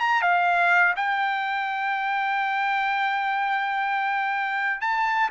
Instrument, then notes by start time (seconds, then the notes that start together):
trumpet
0.00 A#5
0.22 F5
0.97 G5
4.81 A5